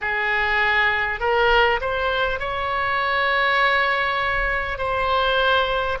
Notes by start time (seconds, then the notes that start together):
0.01 G#4
1.20 A#4
1.81 C5
2.39 C#5
4.77 C5